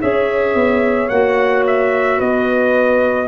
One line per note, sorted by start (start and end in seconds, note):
0.00 0.54 C#4
0.00 1.09 G#4
0.00 2.17 C#5
0.00 1.09 E5
0.54 1.09 B3
1.09 2.19 A#3
1.09 3.27 F#4
1.09 1.63 F#5
1.66 2.20 E5
2.17 3.27 B3
2.17 3.27 B4
2.17 3.27 D#5